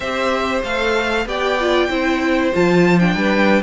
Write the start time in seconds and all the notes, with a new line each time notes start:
0.00 C4 G4 C5 E5
0.63 A3 A4 F5
1.25 B3 G4 D5 G5
1.60 F4
1.89 C4 E4 C5
2.52 F3 F4 A5
2.99 D4 G5
3.15 G3 B4